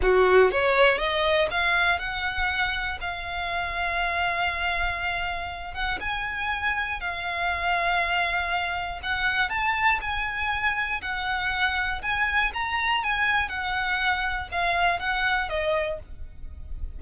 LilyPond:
\new Staff \with { instrumentName = "violin" } { \time 4/4 \tempo 4 = 120 fis'4 cis''4 dis''4 f''4 | fis''2 f''2~ | f''2.~ f''8 fis''8 | gis''2 f''2~ |
f''2 fis''4 a''4 | gis''2 fis''2 | gis''4 ais''4 gis''4 fis''4~ | fis''4 f''4 fis''4 dis''4 | }